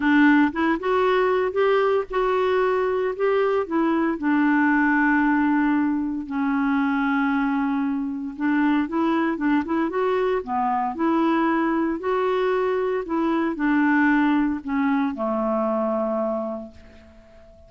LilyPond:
\new Staff \with { instrumentName = "clarinet" } { \time 4/4 \tempo 4 = 115 d'4 e'8 fis'4. g'4 | fis'2 g'4 e'4 | d'1 | cis'1 |
d'4 e'4 d'8 e'8 fis'4 | b4 e'2 fis'4~ | fis'4 e'4 d'2 | cis'4 a2. | }